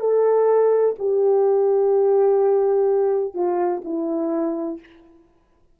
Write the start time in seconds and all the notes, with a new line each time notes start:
0.00 A4
0.99 G4
3.34 F4
3.84 E4